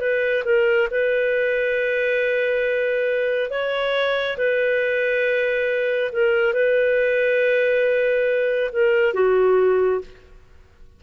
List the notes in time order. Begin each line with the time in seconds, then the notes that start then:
0.00 B4
0.45 A#4
0.91 B4
3.50 C#5
4.38 B4
6.12 A#4
6.53 B4
8.72 A#4
9.14 F#4